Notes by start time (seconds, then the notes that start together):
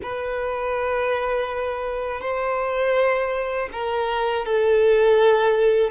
0.02 B4
2.20 C5
3.72 A#4
4.45 A4